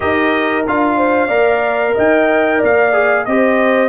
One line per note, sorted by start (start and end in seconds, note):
0.00 0.68 D#4
0.00 0.63 G4
0.00 0.96 A#4
0.00 0.65 D#5
0.67 1.29 D4
0.67 1.29 F4
0.67 1.98 F5
0.96 1.27 C5
1.27 1.94 A#3
1.27 2.92 A#4
1.27 1.92 D5
1.94 2.62 D#4
1.94 2.58 D#5
1.94 2.63 G5
2.58 3.26 A#3
2.58 3.23 D5
2.58 3.25 F5
2.93 3.25 G#4
3.25 3.88 C4
3.25 3.88 G4
3.25 3.88 C5
3.25 3.88 D#5